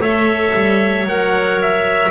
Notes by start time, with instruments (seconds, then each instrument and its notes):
0.00 double bass A3, clarinet A4 C#5, trumpet E5
0.54 double bass G3
1.04 double bass F#3, clarinet A#4, trumpet F#5
1.62 trumpet E5